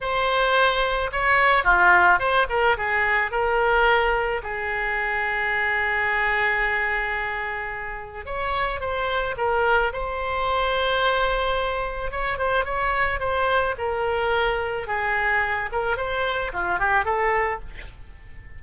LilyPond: \new Staff \with { instrumentName = "oboe" } { \time 4/4 \tempo 4 = 109 c''2 cis''4 f'4 | c''8 ais'8 gis'4 ais'2 | gis'1~ | gis'2. cis''4 |
c''4 ais'4 c''2~ | c''2 cis''8 c''8 cis''4 | c''4 ais'2 gis'4~ | gis'8 ais'8 c''4 f'8 g'8 a'4 | }